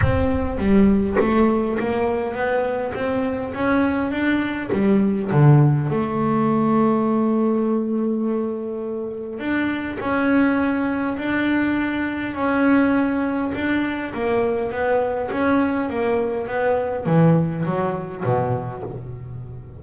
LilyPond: \new Staff \with { instrumentName = "double bass" } { \time 4/4 \tempo 4 = 102 c'4 g4 a4 ais4 | b4 c'4 cis'4 d'4 | g4 d4 a2~ | a1 |
d'4 cis'2 d'4~ | d'4 cis'2 d'4 | ais4 b4 cis'4 ais4 | b4 e4 fis4 b,4 | }